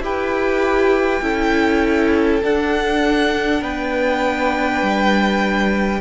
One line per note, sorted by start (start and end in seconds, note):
0.00 1.20 E4
0.00 1.21 G4
0.00 1.22 B4
0.00 2.44 G5
1.21 2.42 C#4
1.21 2.41 E4
1.21 3.61 A4
2.42 6.00 D4
2.42 3.62 D4
2.42 3.63 F#5
3.61 4.82 B3
3.61 6.00 B4
3.61 6.00 G5
4.82 6.00 G3